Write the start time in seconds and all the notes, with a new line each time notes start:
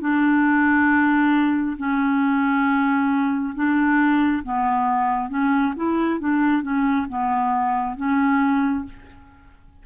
0.00 D4
1.77 C#4
3.54 D4
4.43 B3
5.29 C#4
5.76 E4
6.19 D4
6.62 C#4
7.09 B3
7.96 C#4